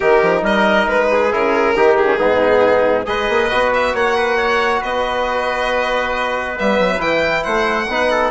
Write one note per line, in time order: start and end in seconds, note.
0.00 0.22 D#3
0.00 1.30 D#4
0.00 0.43 G4
0.00 0.43 A#4
0.22 0.42 F3
0.42 0.85 G3
0.42 1.09 A#4
0.42 0.88 D#5
0.88 1.32 G#3
0.88 1.32 B4
1.11 1.76 G#4
1.30 1.75 C#3
1.30 1.74 E4
1.30 1.96 A#4
1.75 2.19 D#3
1.75 2.05 D#4
1.75 2.19 G4
1.96 3.06 G#4
2.05 2.16 C#4
2.18 3.06 G#2
2.18 3.05 B3
2.18 3.06 D#4
3.05 3.28 G#3
3.05 3.49 G#4
3.05 3.94 B4
3.05 3.72 D#5
3.29 3.50 A#3
3.50 3.94 B3
3.50 6.56 F#4
3.73 3.95 E5
3.94 4.81 A#3
3.94 4.16 C#5
3.94 4.83 F#5
4.16 4.36 B4
4.36 4.80 C#5
4.80 6.58 B3
4.80 7.43 B4
4.80 6.58 D#5
6.56 6.79 G3
6.56 6.96 B3
6.56 7.01 E5
6.79 6.99 F#3
6.96 7.43 E3
6.96 7.84 E4
6.96 7.43 G5
7.43 7.87 A3
7.43 7.87 C5
7.43 8.30 F#5
7.87 8.30 B3
7.87 8.30 D#4
7.87 8.10 B4
8.10 8.30 A4